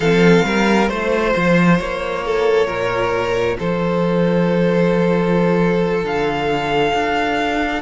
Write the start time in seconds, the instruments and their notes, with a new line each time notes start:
0.00 cello F3, viola C4, violin A4 F5
0.44 cello G3, violin A#4
0.88 cello A3, viola F4, violin C5
1.35 cello F3
1.78 cello A#3, violin C#5
2.25 violin A4
2.67 cello A#2, violin A#4
3.59 cello F3, violin A4 C5
6.03 cello D3, violin F5
6.93 cello D4